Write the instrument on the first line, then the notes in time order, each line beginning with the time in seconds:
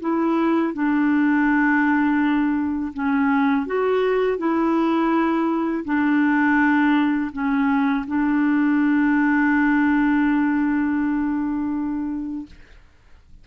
clarinet
0.00 E4
0.73 D4
2.93 C#4
3.66 F#4
4.37 E4
5.84 D4
7.32 C#4
8.07 D4